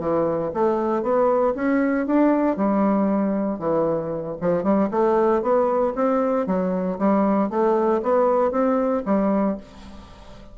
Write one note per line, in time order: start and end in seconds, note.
0.00 0.52 E3
0.54 1.03 A3
1.03 1.54 B3
1.55 2.07 C#4
2.07 2.57 D4
2.57 3.59 G3
3.59 4.37 E3
4.41 4.64 F3
4.64 4.89 G3
4.91 5.42 A3
5.42 5.94 B3
5.96 6.47 C4
6.47 6.99 F#3
6.99 7.50 G3
7.50 8.02 A3
8.03 8.52 B3
8.52 9.03 C4
9.06 9.58 G3